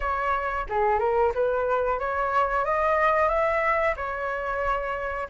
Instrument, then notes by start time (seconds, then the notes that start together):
flute
0.00 C#5
0.69 G#4
0.99 A#4
1.34 B4
1.99 C#5
2.64 D#5
3.28 E5
3.96 C#5